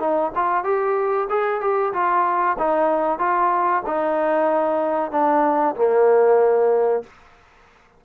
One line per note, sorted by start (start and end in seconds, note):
0.00 0.32 D#4
0.35 0.64 F4
0.64 1.28 G4
1.30 1.61 G#4
1.61 1.93 G4
1.94 2.57 F4
2.59 3.19 D#4
3.19 3.83 F4
3.86 5.12 D#4
5.12 5.76 D4
5.76 7.03 A#3